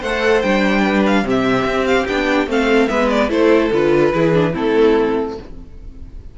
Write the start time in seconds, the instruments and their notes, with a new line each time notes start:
0.00 cello A3, viola A4, violin C5 F#5
0.42 cello G3, viola D4, violin G5
0.83 violin B4
1.06 violin F5
1.23 cello C3, viola C4, violin G4
1.30 violin E5
1.65 cello C4
1.86 violin F5
2.07 cello B3, viola D4, violin G5
2.47 cello A3, viola C4, violin A4 F5
2.88 cello G#3, viola B3, violin B4 E5
3.10 violin D5
3.29 cello A3, viola E4, violin A4 C5
3.71 cello D3, viola F4, violin B4
4.13 cello E3, viola E4, violin G#4
4.33 viola D4
4.52 cello A3, viola C4, violin E4 A4